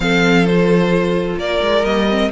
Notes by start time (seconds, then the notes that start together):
0.00 F3 C4 A4 F5
0.45 F4 C5
1.36 A#3 A#4 D5
1.61 G#3
1.83 G3 A#3 D#5
2.09 C4